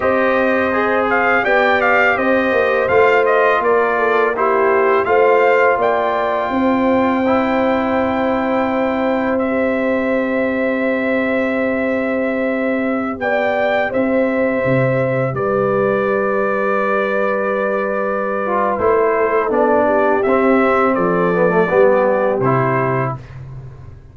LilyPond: <<
  \new Staff \with { instrumentName = "trumpet" } { \time 4/4 \tempo 4 = 83 dis''4. f''8 g''8 f''8 dis''4 | f''8 dis''8 d''4 c''4 f''4 | g''1~ | g''4 e''2.~ |
e''2~ e''16 g''4 e''8.~ | e''4~ e''16 d''2~ d''8.~ | d''2 c''4 d''4 | e''4 d''2 c''4 | }
  \new Staff \with { instrumentName = "horn" } { \time 4/4 c''2 d''4 c''4~ | c''4 ais'8 a'8 g'4 c''4 | d''4 c''2.~ | c''1~ |
c''2~ c''16 d''4 c''8.~ | c''4~ c''16 b'2~ b'8.~ | b'2~ b'8 a'4 g'8~ | g'4 a'4 g'2 | }
  \new Staff \with { instrumentName = "trombone" } { \time 4/4 g'4 gis'4 g'2 | f'2 e'4 f'4~ | f'2 e'2~ | e'4 g'2.~ |
g'1~ | g'1~ | g'4. f'8 e'4 d'4 | c'4. b16 a16 b4 e'4 | }
  \new Staff \with { instrumentName = "tuba" } { \time 4/4 c'2 b4 c'8 ais8 | a4 ais2 a4 | ais4 c'2.~ | c'1~ |
c'2~ c'16 b4 c'8.~ | c'16 c4 g2~ g8.~ | g2 a4 b4 | c'4 f4 g4 c4 | }
>>